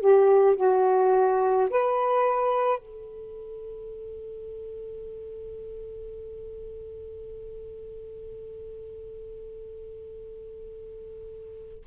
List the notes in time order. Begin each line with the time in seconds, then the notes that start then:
0.00 G4
0.56 F#4
1.70 B4
2.78 A4